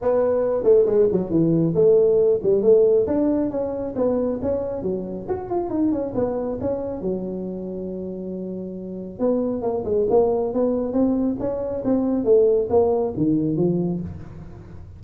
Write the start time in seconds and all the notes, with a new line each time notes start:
0.01 B3
0.63 A3
0.85 G#3
1.12 F#3
1.30 E3
1.74 A3
2.42 G3
2.62 A3
3.07 D4
3.50 C#4
3.95 B3
4.42 C#4
4.82 F#3
5.28 F#4
5.50 F4
5.70 D#4
5.91 C#4
6.15 B3
6.60 C#4
7.01 F#3
9.19 B3
9.62 A#3
9.84 G#3
10.09 A#3
10.53 B3
10.92 C4
11.39 C#4
11.84 C4
12.24 A3
12.69 A#3
13.16 D#3
13.56 F3